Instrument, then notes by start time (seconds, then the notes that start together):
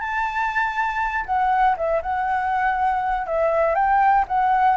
flute
0.00 A5
1.26 F#5
1.77 E5
2.02 F#5
3.27 E5
3.75 G5
4.28 F#5